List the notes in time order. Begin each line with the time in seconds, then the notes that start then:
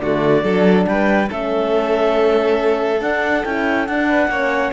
0.00 D3 A3 F#4 D5
0.43 F#3 D4 A4
0.86 G3 B4 G5
1.30 A3 C#4 A4 E5
3.01 D4 F#5
3.45 C#4 E4 G5
3.87 D4 F#5
4.08 B4
4.28 A#3 C#4 C#5